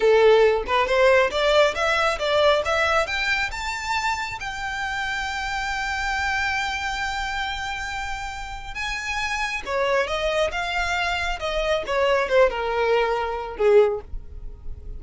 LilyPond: \new Staff \with { instrumentName = "violin" } { \time 4/4 \tempo 4 = 137 a'4. b'8 c''4 d''4 | e''4 d''4 e''4 g''4 | a''2 g''2~ | g''1~ |
g''1 | gis''2 cis''4 dis''4 | f''2 dis''4 cis''4 | c''8 ais'2~ ais'8 gis'4 | }